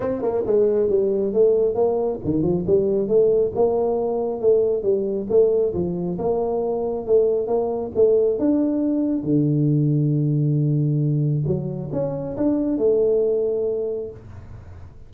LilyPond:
\new Staff \with { instrumentName = "tuba" } { \time 4/4 \tempo 4 = 136 c'8 ais8 gis4 g4 a4 | ais4 dis8 f8 g4 a4 | ais2 a4 g4 | a4 f4 ais2 |
a4 ais4 a4 d'4~ | d'4 d2.~ | d2 fis4 cis'4 | d'4 a2. | }